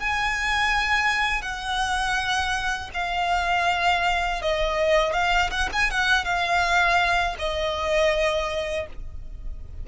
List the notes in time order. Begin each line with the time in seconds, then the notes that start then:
0.00 G#5
1.42 F#5
2.94 F5
4.42 D#5
5.13 F5
5.51 F#5
5.73 G#5
5.91 F#5
6.25 F5
7.39 D#5